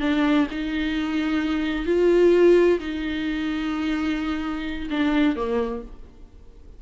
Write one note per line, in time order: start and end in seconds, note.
0.00 0.47 D4
0.50 1.86 D#4
1.86 2.79 F4
2.79 4.88 D#4
4.90 5.35 D4
5.35 5.82 A#3